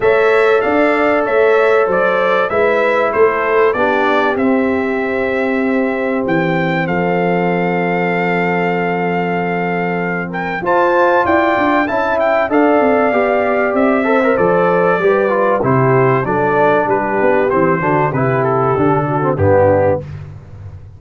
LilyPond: <<
  \new Staff \with { instrumentName = "trumpet" } { \time 4/4 \tempo 4 = 96 e''4 f''4 e''4 d''4 | e''4 c''4 d''4 e''4~ | e''2 g''4 f''4~ | f''1~ |
f''8 g''8 a''4 g''4 a''8 g''8 | f''2 e''4 d''4~ | d''4 c''4 d''4 b'4 | c''4 b'8 a'4. g'4 | }
  \new Staff \with { instrumentName = "horn" } { \time 4/4 cis''4 d''4 cis''4 c''4 | b'4 a'4 g'2~ | g'2. a'4~ | a'1~ |
a'8 ais'8 c''4 d''4 e''4 | d''2~ d''8 c''4. | b'4 g'4 a'4 g'4~ | g'8 fis'8 g'4. fis'8 d'4 | }
  \new Staff \with { instrumentName = "trombone" } { \time 4/4 a'1 | e'2 d'4 c'4~ | c'1~ | c'1~ |
c'4 f'2 e'4 | a'4 g'4. a'16 ais'16 a'4 | g'8 f'8 e'4 d'2 | c'8 d'8 e'4 d'8. c'16 b4 | }
  \new Staff \with { instrumentName = "tuba" } { \time 4/4 a4 d'4 a4 fis4 | gis4 a4 b4 c'4~ | c'2 e4 f4~ | f1~ |
f4 f'4 e'8 d'8 cis'4 | d'8 c'8 b4 c'4 f4 | g4 c4 fis4 g8 b8 | e8 d8 c4 d4 g,4 | }
>>